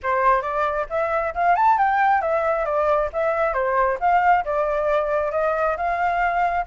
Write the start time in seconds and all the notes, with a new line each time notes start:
0.03 C5
0.42 D5
0.89 E5
1.34 F5
1.55 A5
1.78 G5
2.21 E5
2.65 D5
3.13 E5
3.53 C5
3.99 F5
4.44 D5
5.31 D#5
5.76 F5